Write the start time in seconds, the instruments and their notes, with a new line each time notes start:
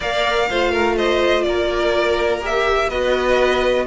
0.00 cello A#3, viola A#4, violin D5 F5
0.49 cello A3, viola F4, violin C5
0.71 violin A#4
0.97 violin C5 D#5
1.43 cello A#3, violin A#4 D5
2.40 viola G4, violin E5
2.88 cello B3, viola F#4, violin B4 D#5